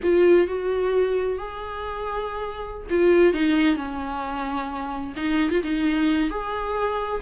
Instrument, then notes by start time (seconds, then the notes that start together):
viola
0.02 F4
0.47 F#4
1.37 G#4
2.89 F4
3.33 D#4
3.76 C#4
5.16 D#4
5.50 F4
5.63 D#4
6.30 G#4